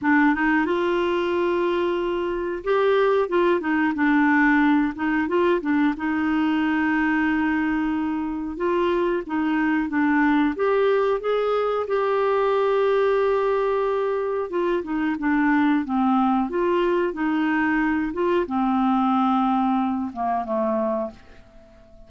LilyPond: \new Staff \with { instrumentName = "clarinet" } { \time 4/4 \tempo 4 = 91 d'8 dis'8 f'2. | g'4 f'8 dis'8 d'4. dis'8 | f'8 d'8 dis'2.~ | dis'4 f'4 dis'4 d'4 |
g'4 gis'4 g'2~ | g'2 f'8 dis'8 d'4 | c'4 f'4 dis'4. f'8 | c'2~ c'8 ais8 a4 | }